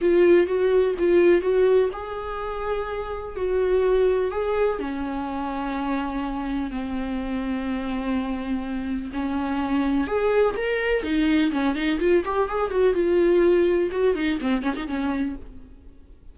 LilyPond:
\new Staff \with { instrumentName = "viola" } { \time 4/4 \tempo 4 = 125 f'4 fis'4 f'4 fis'4 | gis'2. fis'4~ | fis'4 gis'4 cis'2~ | cis'2 c'2~ |
c'2. cis'4~ | cis'4 gis'4 ais'4 dis'4 | cis'8 dis'8 f'8 g'8 gis'8 fis'8 f'4~ | f'4 fis'8 dis'8 c'8 cis'16 dis'16 cis'4 | }